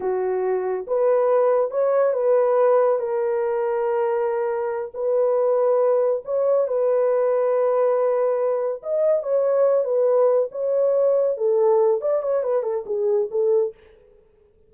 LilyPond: \new Staff \with { instrumentName = "horn" } { \time 4/4 \tempo 4 = 140 fis'2 b'2 | cis''4 b'2 ais'4~ | ais'2.~ ais'8 b'8~ | b'2~ b'8 cis''4 b'8~ |
b'1~ | b'8 dis''4 cis''4. b'4~ | b'8 cis''2 a'4. | d''8 cis''8 b'8 a'8 gis'4 a'4 | }